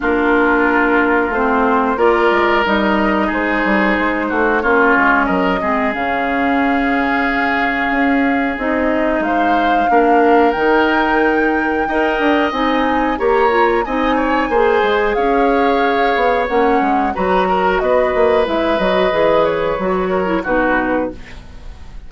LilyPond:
<<
  \new Staff \with { instrumentName = "flute" } { \time 4/4 \tempo 4 = 91 ais'2 c''4 d''4 | dis''4 c''2 cis''4 | dis''4 f''2.~ | f''4 dis''4 f''2 |
g''2. gis''4 | ais''4 gis''2 f''4~ | f''4 fis''4 ais''4 dis''4 | e''8 dis''4 cis''4. b'4 | }
  \new Staff \with { instrumentName = "oboe" } { \time 4/4 f'2. ais'4~ | ais'4 gis'4. fis'8 f'4 | ais'8 gis'2.~ gis'8~ | gis'2 c''4 ais'4~ |
ais'2 dis''2 | cis''4 dis''8 cis''8 c''4 cis''4~ | cis''2 b'8 ais'8 b'4~ | b'2~ b'8 ais'8 fis'4 | }
  \new Staff \with { instrumentName = "clarinet" } { \time 4/4 d'2 c'4 f'4 | dis'2. cis'4~ | cis'8 c'8 cis'2.~ | cis'4 dis'2 d'4 |
dis'2 ais'4 dis'4 | g'8 f'8 dis'4 gis'2~ | gis'4 cis'4 fis'2 | e'8 fis'8 gis'4 fis'8. e'16 dis'4 | }
  \new Staff \with { instrumentName = "bassoon" } { \time 4/4 ais2 a4 ais8 gis8 | g4 gis8 g8 gis8 a8 ais8 gis8 | fis8 gis8 cis2. | cis'4 c'4 gis4 ais4 |
dis2 dis'8 d'8 c'4 | ais4 c'4 ais8 gis8 cis'4~ | cis'8 b8 ais8 gis8 fis4 b8 ais8 | gis8 fis8 e4 fis4 b,4 | }
>>